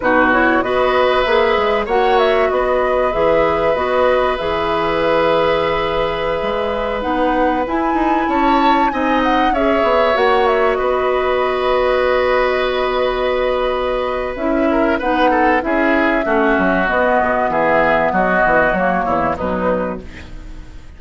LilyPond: <<
  \new Staff \with { instrumentName = "flute" } { \time 4/4 \tempo 4 = 96 b'8 cis''8 dis''4 e''4 fis''8 e''8 | dis''4 e''4 dis''4 e''4~ | e''2.~ e''16 fis''8.~ | fis''16 gis''4 a''4 gis''8 fis''8 e''8.~ |
e''16 fis''8 e''8 dis''2~ dis''8.~ | dis''2. e''4 | fis''4 e''2 dis''4 | e''4 dis''4 cis''4 b'4 | }
  \new Staff \with { instrumentName = "oboe" } { \time 4/4 fis'4 b'2 cis''4 | b'1~ | b'1~ | b'4~ b'16 cis''4 dis''4 cis''8.~ |
cis''4~ cis''16 b'2~ b'8.~ | b'2.~ b'8 ais'8 | b'8 a'8 gis'4 fis'2 | gis'4 fis'4. e'8 dis'4 | }
  \new Staff \with { instrumentName = "clarinet" } { \time 4/4 dis'8 e'8 fis'4 gis'4 fis'4~ | fis'4 gis'4 fis'4 gis'4~ | gis'2.~ gis'16 dis'8.~ | dis'16 e'2 dis'4 gis'8.~ |
gis'16 fis'2.~ fis'8.~ | fis'2. e'4 | dis'4 e'4 cis'4 b4~ | b2 ais4 fis4 | }
  \new Staff \with { instrumentName = "bassoon" } { \time 4/4 b,4 b4 ais8 gis8 ais4 | b4 e4 b4 e4~ | e2~ e16 gis4 b8.~ | b16 e'8 dis'8 cis'4 c'4 cis'8 b16~ |
b16 ais4 b2~ b8.~ | b2. cis'4 | b4 cis'4 a8 fis8 b8 b,8 | e4 fis8 e8 fis8 e,8 b,4 | }
>>